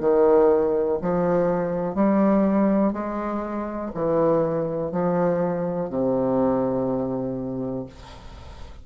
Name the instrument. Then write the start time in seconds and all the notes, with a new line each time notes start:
bassoon
0.00 D#3
1.01 F3
1.95 G3
2.93 G#3
3.95 E3
4.92 F3
5.89 C3